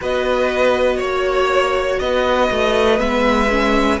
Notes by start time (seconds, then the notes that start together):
0.01 B3 F#4 B4 D#5
0.96 A#3 C#5
1.99 B3 B4 D#5
2.50 A3
2.98 G#3 B3 E5
3.50 C#4